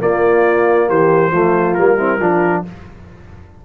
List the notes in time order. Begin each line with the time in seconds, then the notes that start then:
0.00 A#3 F4 D5
0.88 E3 G4 C5
1.31 F3 A3 F4
1.74 G3 A#3 A#4
1.98 C4 E4
2.20 F3 D4 F4